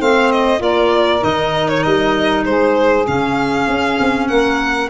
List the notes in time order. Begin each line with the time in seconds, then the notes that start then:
0.00 A3 C4 C5 F5
0.32 D#5
0.59 A#3 F4 A#4 D5
1.21 D#3 D#4 D#5
1.69 C#5
1.83 G3 D#5
2.45 G#3 G#4 C5
3.07 C#3 C#4 F5
3.68 C#4
4.00 C4
4.28 A#3 A#4 F#5